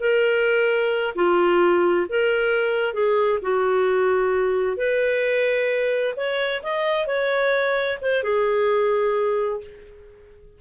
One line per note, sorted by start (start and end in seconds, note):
0.00 1.15 A#4
1.15 2.07 F4
2.09 2.94 A#4
2.94 3.40 G#4
3.42 4.77 F#4
4.77 6.14 B4
6.17 6.62 C#5
6.63 7.07 D#5
7.07 7.99 C#5
8.02 8.23 C5
8.23 9.61 G#4